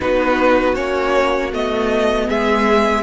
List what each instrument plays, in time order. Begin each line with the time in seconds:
0.00 cello B3, viola D#4, violin F#4 B4
0.75 cello A#3, viola C#4, violin C#5
1.52 cello A3, viola B3, violin D#5
2.28 cello G#3, violin G#4 E5